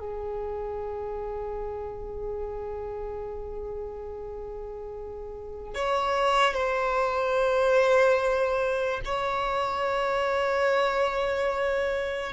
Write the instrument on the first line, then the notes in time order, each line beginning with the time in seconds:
violin
0.00 G#4
5.75 C#5
6.54 C5
9.06 C#5